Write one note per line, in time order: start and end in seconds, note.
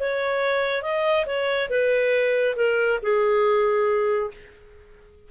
0.00 0.83 C#5
0.83 1.26 D#5
1.26 1.69 C#5
1.70 2.56 B4
2.57 3.00 A#4
3.03 4.31 G#4